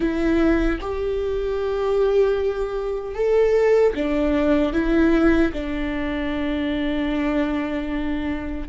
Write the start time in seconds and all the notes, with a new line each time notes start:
0.00 E4
0.80 G4
3.14 A4
3.94 D4
4.73 E4
5.53 D4